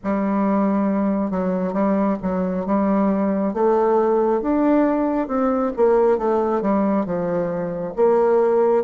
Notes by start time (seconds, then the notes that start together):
0.03 G3
1.30 F#3
1.73 G3
2.22 F#3
2.66 G3
3.53 A3
4.41 D4
5.27 C4
5.76 A#3
6.18 A3
6.61 G3
7.05 F3
7.96 A#3